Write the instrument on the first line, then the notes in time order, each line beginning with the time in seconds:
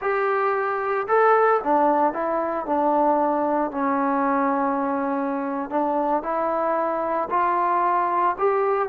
trombone
0.01 G4
1.07 A4
1.63 D4
2.13 E4
2.66 D4
3.71 C#4
5.70 D4
6.22 E4
7.29 F4
8.38 G4